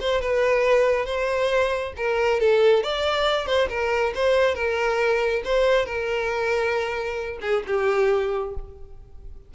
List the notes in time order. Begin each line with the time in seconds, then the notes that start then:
0.00 C5
0.21 B4
1.06 C5
1.97 A#4
2.40 A4
2.83 D5
3.47 C5
3.69 A#4
4.15 C5
4.55 A#4
5.44 C5
5.86 A#4
7.41 G#4
7.67 G4